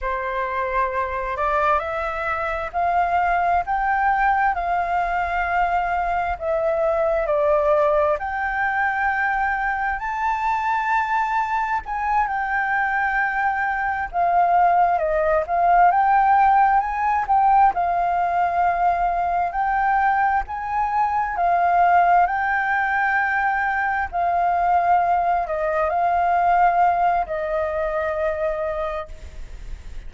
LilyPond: \new Staff \with { instrumentName = "flute" } { \time 4/4 \tempo 4 = 66 c''4. d''8 e''4 f''4 | g''4 f''2 e''4 | d''4 g''2 a''4~ | a''4 gis''8 g''2 f''8~ |
f''8 dis''8 f''8 g''4 gis''8 g''8 f''8~ | f''4. g''4 gis''4 f''8~ | f''8 g''2 f''4. | dis''8 f''4. dis''2 | }